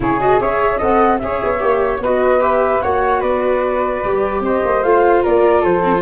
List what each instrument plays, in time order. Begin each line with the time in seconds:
0.00 tuba C#3, viola E4, flute G#4 C#5
0.20 viola F#4, flute D#5
0.40 tuba C#4, viola G#4, flute C#5 E5
0.77 tuba C4, viola A4, flute D#5 F#5
1.18 tuba C#4, viola G#4, flute E5
1.24 flute C#5
1.43 tuba B3
1.58 tuba A#3, viola G4
1.98 tuba B3, viola F#4, flute B4 D#5
2.40 viola G4, flute E5
2.82 tuba A#3, viola F#4, flute C#5 F#5
3.20 tuba B3, flute B4 D5
4.04 tuba G3, viola G4
4.40 tuba C4, flute C5 D#5
4.64 tuba A#3
4.83 tuba A3, viola F4, flute F5
5.23 tuba A#3, flute A#4 D5
5.60 tuba F3, flute A4 C5
5.83 viola C4
5.94 viola F4